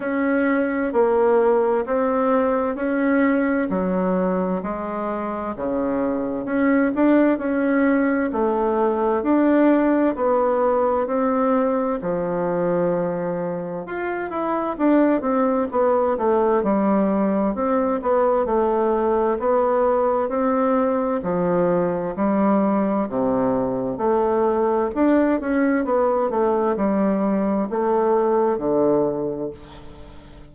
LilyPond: \new Staff \with { instrumentName = "bassoon" } { \time 4/4 \tempo 4 = 65 cis'4 ais4 c'4 cis'4 | fis4 gis4 cis4 cis'8 d'8 | cis'4 a4 d'4 b4 | c'4 f2 f'8 e'8 |
d'8 c'8 b8 a8 g4 c'8 b8 | a4 b4 c'4 f4 | g4 c4 a4 d'8 cis'8 | b8 a8 g4 a4 d4 | }